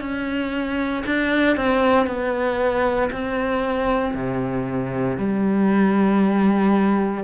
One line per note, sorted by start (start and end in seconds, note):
0.00 1.03 C#4
1.05 1.56 D4
1.56 2.06 C4
2.06 3.09 B3
3.11 4.14 C4
4.14 5.17 C3
5.17 7.24 G3